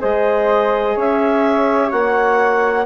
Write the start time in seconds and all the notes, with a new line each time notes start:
0.00 G#3 G#4 C5 D#5
0.95 C#4 C#5 E5
1.91 A#3 F#4 F#5